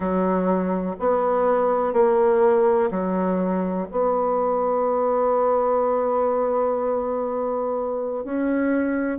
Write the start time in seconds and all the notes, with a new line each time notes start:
0.00 F#3
0.99 B3
1.93 A#3
2.90 F#3
3.91 B3
8.24 C#4